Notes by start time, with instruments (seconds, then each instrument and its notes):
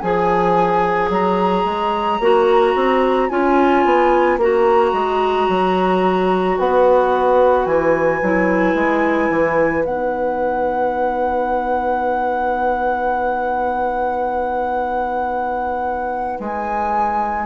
0.00 bassoon F3, clarinet G#4, horn C#5, flute G#5
1.10 bassoon F#3, flute A#5
1.65 bassoon G#3
2.20 bassoon A#3, clarinet F#4
2.75 bassoon C4
3.29 bassoon C#4, clarinet F4, flute G#5
3.85 bassoon B3
4.38 bassoon A#3, clarinet F#4, flute A#5
4.93 bassoon G#3
5.49 bassoon F#3
6.58 bassoon B3, horn B4, flute F#5
7.66 bassoon E3, flute G#5
8.22 bassoon F#3, clarinet E4
8.75 bassoon G#3
9.30 bassoon E3
9.83 bassoon B3, clarinet D#4, flute F#5
16.40 bassoon G#3, flute G#5